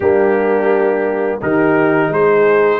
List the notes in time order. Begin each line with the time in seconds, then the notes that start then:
0.00 G3 A#3 D4 G4
1.41 D#3 D#4 G4 A#4
2.08 G#3 G#4 C5